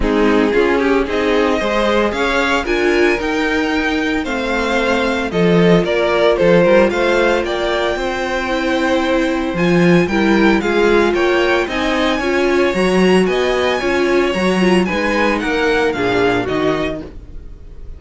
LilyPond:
<<
  \new Staff \with { instrumentName = "violin" } { \time 4/4 \tempo 4 = 113 gis'2 dis''2 | f''4 gis''4 g''2 | f''2 dis''4 d''4 | c''4 f''4 g''2~ |
g''2 gis''4 g''4 | f''4 g''4 gis''2 | ais''4 gis''2 ais''4 | gis''4 fis''4 f''4 dis''4 | }
  \new Staff \with { instrumentName = "violin" } { \time 4/4 dis'4 f'8 g'8 gis'4 c''4 | cis''4 ais'2. | c''2 a'4 ais'4 | a'8 ais'8 c''4 d''4 c''4~ |
c''2. ais'4 | gis'4 cis''4 dis''4 cis''4~ | cis''4 dis''4 cis''2 | b'4 ais'4 gis'4 fis'4 | }
  \new Staff \with { instrumentName = "viola" } { \time 4/4 c'4 cis'4 dis'4 gis'4~ | gis'4 f'4 dis'2 | c'2 f'2~ | f'1 |
e'2 f'4 e'4 | f'2 dis'4 f'4 | fis'2 f'4 fis'8 f'8 | dis'2 d'4 dis'4 | }
  \new Staff \with { instrumentName = "cello" } { \time 4/4 gis4 cis'4 c'4 gis4 | cis'4 d'4 dis'2 | a2 f4 ais4 | f8 g8 a4 ais4 c'4~ |
c'2 f4 g4 | gis4 ais4 c'4 cis'4 | fis4 b4 cis'4 fis4 | gis4 ais4 ais,4 dis4 | }
>>